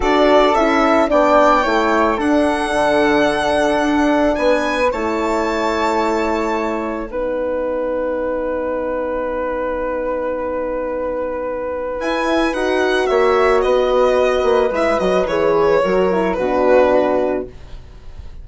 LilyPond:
<<
  \new Staff \with { instrumentName = "violin" } { \time 4/4 \tempo 4 = 110 d''4 e''4 g''2 | fis''1 | gis''4 a''2.~ | a''4 fis''2.~ |
fis''1~ | fis''2 gis''4 fis''4 | e''4 dis''2 e''8 dis''8 | cis''2 b'2 | }
  \new Staff \with { instrumentName = "flute" } { \time 4/4 a'2 d''4 cis''4 | a'1 | b'4 cis''2.~ | cis''4 b'2.~ |
b'1~ | b'1 | cis''4 b'2.~ | b'4 ais'4 fis'2 | }
  \new Staff \with { instrumentName = "horn" } { \time 4/4 fis'4 e'4 d'4 e'4 | d'1~ | d'4 e'2.~ | e'4 dis'2.~ |
dis'1~ | dis'2 e'4 fis'4~ | fis'2. e'8 fis'8 | gis'4 fis'8 e'8 d'2 | }
  \new Staff \with { instrumentName = "bassoon" } { \time 4/4 d'4 cis'4 b4 a4 | d'4 d2 d'4 | b4 a2.~ | a4 b2.~ |
b1~ | b2 e'4 dis'4 | ais4 b4. ais8 gis8 fis8 | e4 fis4 b,2 | }
>>